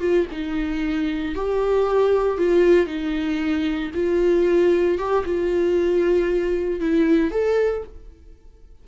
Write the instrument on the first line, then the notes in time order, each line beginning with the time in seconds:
viola
0.00 F4
0.31 D#4
1.35 G4
2.37 F4
2.86 D#4
3.94 F4
4.98 G4
5.25 F4
6.80 E4
7.31 A4